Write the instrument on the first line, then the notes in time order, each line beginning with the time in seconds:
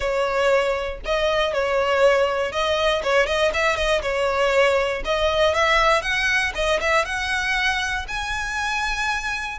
violin
0.00 C#5
1.05 D#5
1.53 C#5
2.52 D#5
3.03 C#5
3.26 D#5
3.53 E5
3.76 D#5
4.02 C#5
5.04 D#5
5.54 E5
6.01 F#5
6.54 D#5
6.80 E5
7.05 F#5
8.08 G#5